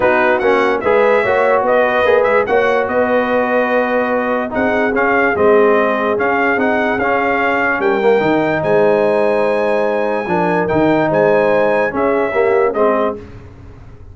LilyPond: <<
  \new Staff \with { instrumentName = "trumpet" } { \time 4/4 \tempo 4 = 146 b'4 fis''4 e''2 | dis''4. e''8 fis''4 dis''4~ | dis''2. fis''4 | f''4 dis''2 f''4 |
fis''4 f''2 g''4~ | g''4 gis''2.~ | gis''2 g''4 gis''4~ | gis''4 e''2 dis''4 | }
  \new Staff \with { instrumentName = "horn" } { \time 4/4 fis'2 b'4 cis''4 | b'2 cis''4 b'4~ | b'2. gis'4~ | gis'1~ |
gis'2. ais'4~ | ais'4 c''2.~ | c''4 ais'2 c''4~ | c''4 gis'4 g'4 gis'4 | }
  \new Staff \with { instrumentName = "trombone" } { \time 4/4 dis'4 cis'4 gis'4 fis'4~ | fis'4 gis'4 fis'2~ | fis'2. dis'4 | cis'4 c'2 cis'4 |
dis'4 cis'2~ cis'8 ais8 | dis'1~ | dis'4 d'4 dis'2~ | dis'4 cis'4 ais4 c'4 | }
  \new Staff \with { instrumentName = "tuba" } { \time 4/4 b4 ais4 gis4 ais4 | b4 ais8 gis8 ais4 b4~ | b2. c'4 | cis'4 gis2 cis'4 |
c'4 cis'2 g4 | dis4 gis2.~ | gis4 f4 dis4 gis4~ | gis4 cis'2 gis4 | }
>>